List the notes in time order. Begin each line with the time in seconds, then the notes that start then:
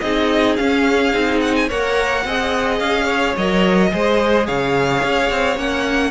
0.00 C4 D#4 G#4 D#5
0.57 C#4 F5
1.13 C4 D#4
1.41 F#5
1.56 G#5
1.68 A#3 A#4 C#5 F#5
2.25 C4 G#4 D#5
2.80 C#4 F5
3.06 C#5
3.37 F#3 A#4 D#5
3.91 G#3 G#4 C5
4.47 C#3 C#5 F5
5.03 C#4
5.30 C4
5.56 A#3 C#4 F#5